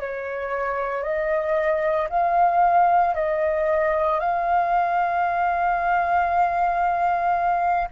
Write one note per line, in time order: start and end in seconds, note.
0.00 1.03 C#5
1.03 2.08 D#5
2.10 3.15 F5
3.15 4.20 D#5
4.20 7.89 F5